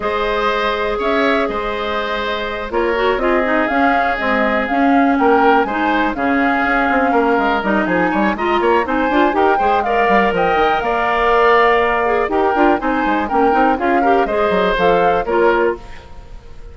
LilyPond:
<<
  \new Staff \with { instrumentName = "flute" } { \time 4/4 \tempo 4 = 122 dis''2 e''4 dis''4~ | dis''4. cis''4 dis''4 f''8~ | f''8 dis''4 f''4 g''4 gis''8~ | gis''8 f''2. dis''8 |
gis''4 ais''4 gis''4 g''4 | f''4 g''4 f''2~ | f''4 g''4 gis''4 g''4 | f''4 dis''4 f''4 cis''4 | }
  \new Staff \with { instrumentName = "oboe" } { \time 4/4 c''2 cis''4 c''4~ | c''4. ais'4 gis'4.~ | gis'2~ gis'8 ais'4 c''8~ | c''8 gis'2 ais'4. |
gis'8 cis''8 dis''8 cis''8 c''4 ais'8 c''8 | d''4 dis''4 d''2~ | d''4 ais'4 c''4 ais'4 | gis'8 ais'8 c''2 ais'4 | }
  \new Staff \with { instrumentName = "clarinet" } { \time 4/4 gis'1~ | gis'4. f'8 fis'8 f'8 dis'8 cis'8~ | cis'8 gis4 cis'2 dis'8~ | dis'8 cis'2. dis'8~ |
dis'4 f'4 dis'8 f'8 g'8 gis'8 | ais'1~ | ais'8 gis'8 g'8 f'8 dis'4 cis'8 dis'8 | f'8 g'8 gis'4 a'4 f'4 | }
  \new Staff \with { instrumentName = "bassoon" } { \time 4/4 gis2 cis'4 gis4~ | gis4. ais4 c'4 cis'8~ | cis'8 c'4 cis'4 ais4 gis8~ | gis8 cis4 cis'8 c'8 ais8 gis8 g8 |
f8 g8 gis8 ais8 c'8 d'8 dis'8 gis8~ | gis8 g8 f8 dis8 ais2~ | ais4 dis'8 d'8 c'8 gis8 ais8 c'8 | cis'4 gis8 fis8 f4 ais4 | }
>>